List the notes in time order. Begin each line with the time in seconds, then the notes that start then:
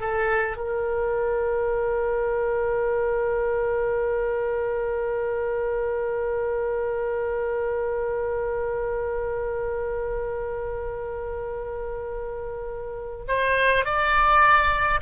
0.00 A4
0.57 A#4
13.28 C5
13.85 D5